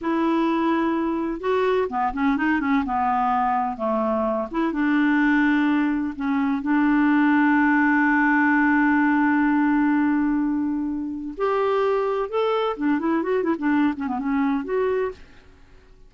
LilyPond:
\new Staff \with { instrumentName = "clarinet" } { \time 4/4 \tempo 4 = 127 e'2. fis'4 | b8 cis'8 dis'8 cis'8 b2 | a4. e'8 d'2~ | d'4 cis'4 d'2~ |
d'1~ | d'1 | g'2 a'4 d'8 e'8 | fis'8 e'16 d'8. cis'16 b16 cis'4 fis'4 | }